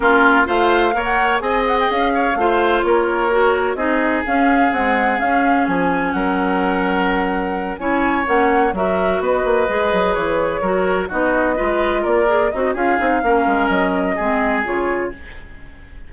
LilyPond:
<<
  \new Staff \with { instrumentName = "flute" } { \time 4/4 \tempo 4 = 127 ais'4 f''4~ f''16 fis''8. gis''8 fis''16 g''16 | f''2 cis''2 | dis''4 f''4 fis''4 f''4 | gis''4 fis''2.~ |
fis''8 gis''4 fis''4 e''4 dis''8~ | dis''4. cis''2 dis''8~ | dis''4. d''4 dis''8 f''4~ | f''4 dis''2 cis''4 | }
  \new Staff \with { instrumentName = "oboe" } { \time 4/4 f'4 c''4 cis''4 dis''4~ | dis''8 cis''8 c''4 ais'2 | gis'1~ | gis'4 ais'2.~ |
ais'8 cis''2 ais'4 b'8~ | b'2~ b'8 ais'4 fis'8~ | fis'8 b'4 ais'4 dis'8 gis'4 | ais'2 gis'2 | }
  \new Staff \with { instrumentName = "clarinet" } { \time 4/4 cis'4 f'4 ais'4 gis'4~ | gis'4 f'2 fis'4 | dis'4 cis'4 gis4 cis'4~ | cis'1~ |
cis'8 e'4 cis'4 fis'4.~ | fis'8 gis'2 fis'4 dis'8~ | dis'8 f'4. gis'8 fis'8 f'8 dis'8 | cis'2 c'4 f'4 | }
  \new Staff \with { instrumentName = "bassoon" } { \time 4/4 ais4 a4 ais4 c'4 | cis'4 a4 ais2 | c'4 cis'4 c'4 cis'4 | f4 fis2.~ |
fis8 cis'4 ais4 fis4 b8 | ais8 gis8 fis8 e4 fis4 b8~ | b8 gis4 ais4 c'8 cis'8 c'8 | ais8 gis8 fis4 gis4 cis4 | }
>>